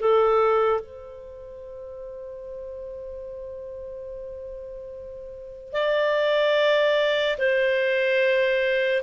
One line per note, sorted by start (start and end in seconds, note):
0.00 0.81 A4
0.81 5.73 C5
5.73 7.37 D5
7.38 9.03 C5